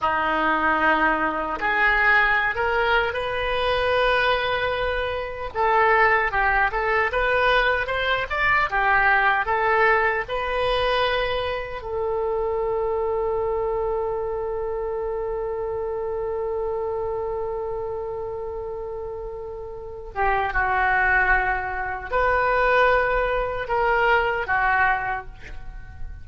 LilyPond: \new Staff \with { instrumentName = "oboe" } { \time 4/4 \tempo 4 = 76 dis'2 gis'4~ gis'16 ais'8. | b'2. a'4 | g'8 a'8 b'4 c''8 d''8 g'4 | a'4 b'2 a'4~ |
a'1~ | a'1~ | a'4. g'8 fis'2 | b'2 ais'4 fis'4 | }